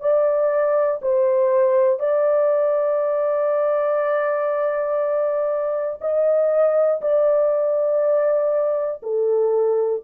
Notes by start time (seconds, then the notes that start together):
0.00 D5
1.02 C5
2.00 D5
6.01 D#5
7.01 D5
9.02 A4